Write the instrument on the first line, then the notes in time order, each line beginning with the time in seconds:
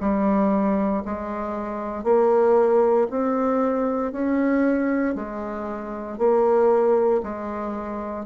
bassoon
0.00 G3
1.05 G#3
2.04 A#3
3.10 C4
4.12 C#4
5.15 G#3
6.18 A#3
7.23 G#3